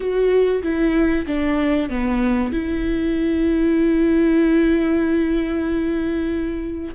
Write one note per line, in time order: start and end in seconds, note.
0.00 0.62 F#4
0.62 1.25 E4
1.26 1.89 D4
1.89 2.52 B3
2.52 6.94 E4